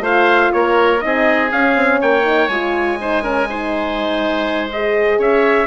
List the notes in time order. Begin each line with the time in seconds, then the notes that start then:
0.00 A3 F4 C5 F5
0.52 A#3 A#4 C#5
1.00 C4 D#4 G#4 D#5
1.52 C#4 F5
1.75 C4
2.01 A#3 C#5 G5
2.23 D#4
2.48 G#3 F4 G#5
3.00 D#4 C5
3.23 C#4 A#4
3.49 D#4 C5
4.72 G#4 D#5
5.18 C#4 C#5 E5